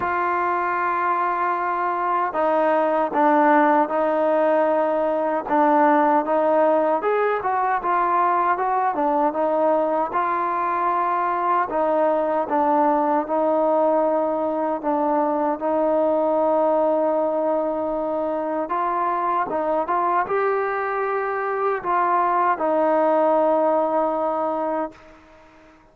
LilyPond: \new Staff \with { instrumentName = "trombone" } { \time 4/4 \tempo 4 = 77 f'2. dis'4 | d'4 dis'2 d'4 | dis'4 gis'8 fis'8 f'4 fis'8 d'8 | dis'4 f'2 dis'4 |
d'4 dis'2 d'4 | dis'1 | f'4 dis'8 f'8 g'2 | f'4 dis'2. | }